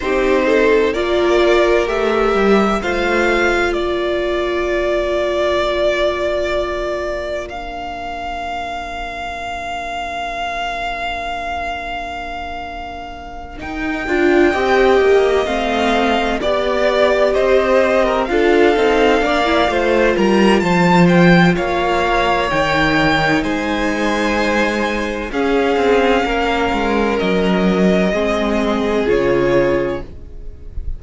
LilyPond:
<<
  \new Staff \with { instrumentName = "violin" } { \time 4/4 \tempo 4 = 64 c''4 d''4 e''4 f''4 | d''1 | f''1~ | f''2~ f''8 g''4.~ |
g''8 f''4 d''4 dis''4 f''8~ | f''4. ais''8 a''8 g''8 f''4 | g''4 gis''2 f''4~ | f''4 dis''2 cis''4 | }
  \new Staff \with { instrumentName = "violin" } { \time 4/4 g'8 a'8 ais'2 c''4 | ais'1~ | ais'1~ | ais'2.~ ais'8 dis''8~ |
dis''4. d''4 c''8. ais'16 a'8~ | a'8 d''8 c''8 ais'8 c''4 cis''4~ | cis''4 c''2 gis'4 | ais'2 gis'2 | }
  \new Staff \with { instrumentName = "viola" } { \time 4/4 dis'4 f'4 g'4 f'4~ | f'1 | d'1~ | d'2~ d'8 dis'8 f'8 g'8~ |
g'8 c'4 g'2 f'8 | dis'8 d'16 e'16 f'2. | dis'2. cis'4~ | cis'2 c'4 f'4 | }
  \new Staff \with { instrumentName = "cello" } { \time 4/4 c'4 ais4 a8 g8 a4 | ais1~ | ais1~ | ais2~ ais8 dis'8 d'8 c'8 |
ais8 a4 b4 c'4 d'8 | c'8 ais8 a8 g8 f4 ais4 | dis4 gis2 cis'8 c'8 | ais8 gis8 fis4 gis4 cis4 | }
>>